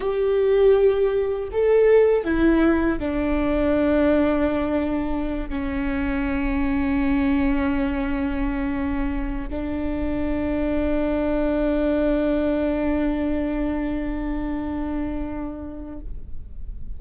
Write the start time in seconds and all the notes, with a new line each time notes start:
0.00 G4
1.52 A4
2.24 E4
2.99 D4
5.49 C#4
9.49 D4